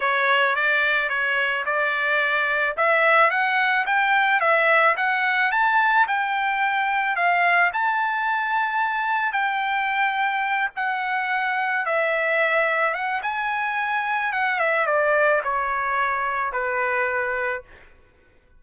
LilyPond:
\new Staff \with { instrumentName = "trumpet" } { \time 4/4 \tempo 4 = 109 cis''4 d''4 cis''4 d''4~ | d''4 e''4 fis''4 g''4 | e''4 fis''4 a''4 g''4~ | g''4 f''4 a''2~ |
a''4 g''2~ g''8 fis''8~ | fis''4. e''2 fis''8 | gis''2 fis''8 e''8 d''4 | cis''2 b'2 | }